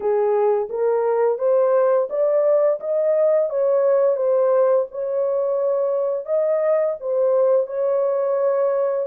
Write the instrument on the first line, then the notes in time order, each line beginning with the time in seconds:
horn
0.00 G#4
0.69 A#4
1.38 C5
2.09 D5
2.80 D#5
3.49 C#5
4.16 C5
4.91 C#5
6.25 D#5
7.00 C5
7.66 C#5